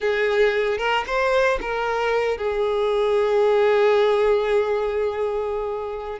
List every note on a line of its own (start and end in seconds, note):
0.00 0.78 G#4
0.78 1.04 A#4
1.06 1.59 C5
1.61 2.37 A#4
2.37 6.19 G#4